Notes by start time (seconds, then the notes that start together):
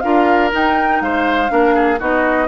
0.00 D4 F4 A#4 F5
0.51 D#4 G5
1.01 G#3 C5 F5
1.48 A#3 D4 A#4
1.74 G#4
1.99 B3 D#4 F#4 D#5